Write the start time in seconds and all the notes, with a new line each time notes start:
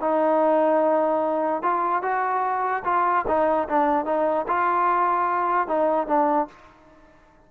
0.00 D#4
1.62 F4
2.02 F#4
2.84 F4
3.27 D#4
3.69 D4
4.05 D#4
4.47 F4
5.67 D#4
6.07 D4